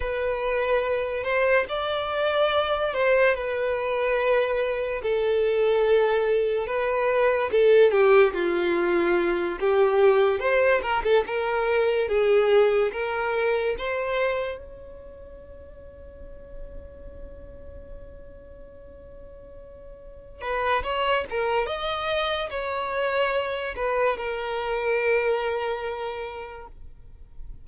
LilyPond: \new Staff \with { instrumentName = "violin" } { \time 4/4 \tempo 4 = 72 b'4. c''8 d''4. c''8 | b'2 a'2 | b'4 a'8 g'8 f'4. g'8~ | g'8 c''8 ais'16 a'16 ais'4 gis'4 ais'8~ |
ais'8 c''4 cis''2~ cis''8~ | cis''1~ | cis''8 b'8 cis''8 ais'8 dis''4 cis''4~ | cis''8 b'8 ais'2. | }